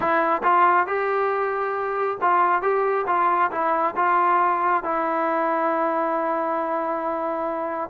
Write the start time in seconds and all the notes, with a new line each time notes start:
0.00 E4
0.43 F4
0.86 G4
2.21 F4
2.61 G4
3.07 F4
3.51 E4
3.96 F4
4.83 E4